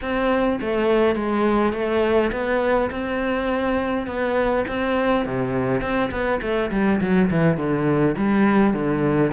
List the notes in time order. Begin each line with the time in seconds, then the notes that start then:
0.01 C4
0.61 A3
1.15 G#3
1.73 A3
2.31 B3
2.90 C4
4.06 B3
4.67 C4
5.25 C3
5.81 C4
6.11 B3
6.41 A3
6.71 G3
7.00 F#3
7.30 E3
7.57 D3
8.17 G3
8.73 D3